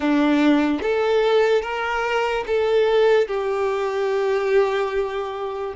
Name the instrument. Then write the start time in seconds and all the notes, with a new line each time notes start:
violin
0.00 D4
0.81 A4
1.62 A#4
2.47 A4
3.27 G4